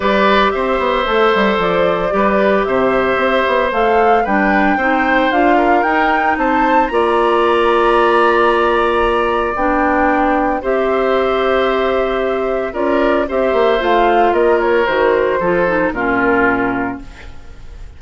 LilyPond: <<
  \new Staff \with { instrumentName = "flute" } { \time 4/4 \tempo 4 = 113 d''4 e''2 d''4~ | d''4 e''2 f''4 | g''2 f''4 g''4 | a''4 ais''2.~ |
ais''2 g''2 | e''1 | d''4 e''4 f''4 dis''8 cis''8 | c''2 ais'2 | }
  \new Staff \with { instrumentName = "oboe" } { \time 4/4 b'4 c''2. | b'4 c''2. | b'4 c''4. ais'4. | c''4 d''2.~ |
d''1 | c''1 | ais'4 c''2 ais'4~ | ais'4 a'4 f'2 | }
  \new Staff \with { instrumentName = "clarinet" } { \time 4/4 g'2 a'2 | g'2. a'4 | d'4 dis'4 f'4 dis'4~ | dis'4 f'2.~ |
f'2 d'2 | g'1 | f'4 g'4 f'2 | fis'4 f'8 dis'8 cis'2 | }
  \new Staff \with { instrumentName = "bassoon" } { \time 4/4 g4 c'8 b8 a8 g8 f4 | g4 c4 c'8 b8 a4 | g4 c'4 d'4 dis'4 | c'4 ais2.~ |
ais2 b2 | c'1 | cis'4 c'8 ais8 a4 ais4 | dis4 f4 ais,2 | }
>>